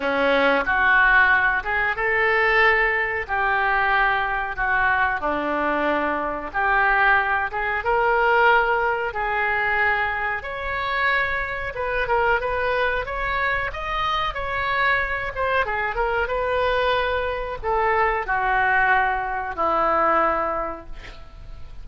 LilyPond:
\new Staff \with { instrumentName = "oboe" } { \time 4/4 \tempo 4 = 92 cis'4 fis'4. gis'8 a'4~ | a'4 g'2 fis'4 | d'2 g'4. gis'8 | ais'2 gis'2 |
cis''2 b'8 ais'8 b'4 | cis''4 dis''4 cis''4. c''8 | gis'8 ais'8 b'2 a'4 | fis'2 e'2 | }